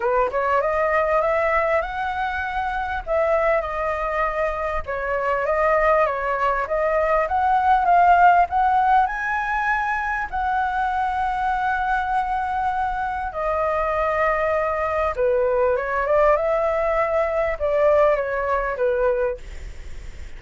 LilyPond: \new Staff \with { instrumentName = "flute" } { \time 4/4 \tempo 4 = 99 b'8 cis''8 dis''4 e''4 fis''4~ | fis''4 e''4 dis''2 | cis''4 dis''4 cis''4 dis''4 | fis''4 f''4 fis''4 gis''4~ |
gis''4 fis''2.~ | fis''2 dis''2~ | dis''4 b'4 cis''8 d''8 e''4~ | e''4 d''4 cis''4 b'4 | }